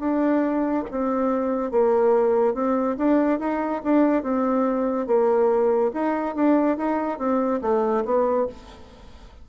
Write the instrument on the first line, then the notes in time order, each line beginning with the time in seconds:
bassoon
0.00 D4
0.91 C4
1.72 A#3
2.55 C4
2.98 D4
3.40 D#4
3.84 D4
4.23 C4
5.07 A#3
5.94 D#4
6.36 D4
6.78 D#4
7.19 C4
7.62 A3
8.05 B3